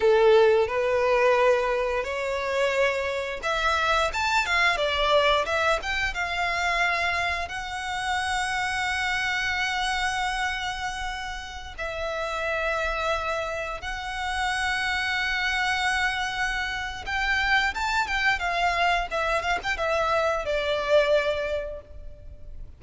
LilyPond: \new Staff \with { instrumentName = "violin" } { \time 4/4 \tempo 4 = 88 a'4 b'2 cis''4~ | cis''4 e''4 a''8 f''8 d''4 | e''8 g''8 f''2 fis''4~ | fis''1~ |
fis''4~ fis''16 e''2~ e''8.~ | e''16 fis''2.~ fis''8.~ | fis''4 g''4 a''8 g''8 f''4 | e''8 f''16 g''16 e''4 d''2 | }